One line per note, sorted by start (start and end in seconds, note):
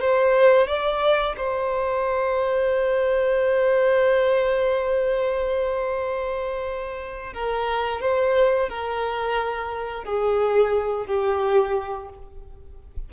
0.00 0.67 C5
0.67 1.35 D5
1.37 7.33 C5
7.33 8.01 A#4
8.01 8.69 C5
8.69 10.04 A#4
10.04 11.06 G#4
11.06 12.08 G4